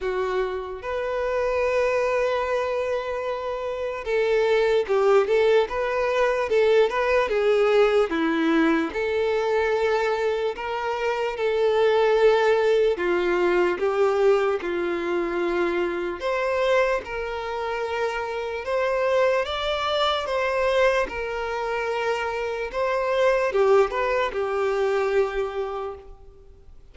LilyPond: \new Staff \with { instrumentName = "violin" } { \time 4/4 \tempo 4 = 74 fis'4 b'2.~ | b'4 a'4 g'8 a'8 b'4 | a'8 b'8 gis'4 e'4 a'4~ | a'4 ais'4 a'2 |
f'4 g'4 f'2 | c''4 ais'2 c''4 | d''4 c''4 ais'2 | c''4 g'8 b'8 g'2 | }